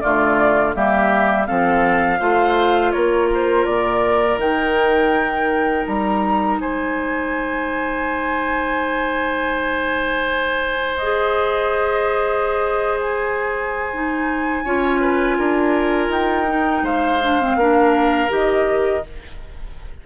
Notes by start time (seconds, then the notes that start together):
0.00 D3 A3 F4 D5
0.74 G3 A#3 G4 E5
1.46 F3 C4 A4 F5
2.19 A3 F4 C5
2.91 A#3 A#4 C#5
3.34 C5
3.65 A#2 D5
4.37 D#3 D#4 G5
5.86 G3 A#5
6.58 G#3 C5 G#5
10.97 G#4 D#5
13.01 G#5
13.93 D#4
14.64 C#4 F4 C#5
15.00 B4
15.37 D4 A#4
16.08 D#4 G5
16.46 D#4
16.82 G#3 C5 F5
17.23 D4
17.41 C4
17.55 A#3 D4 A#4
18.29 D#3 G4 D#5